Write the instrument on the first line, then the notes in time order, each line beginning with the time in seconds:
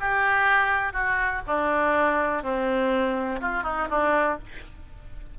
oboe
0.00 G4
0.93 F#4
1.47 D4
2.43 C4
3.41 F4
3.63 D#4
3.90 D4